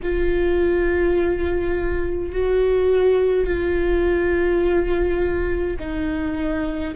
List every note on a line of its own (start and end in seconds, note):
0.02 2.32 F4
2.32 3.46 F#4
3.46 5.77 F4
5.78 6.94 D#4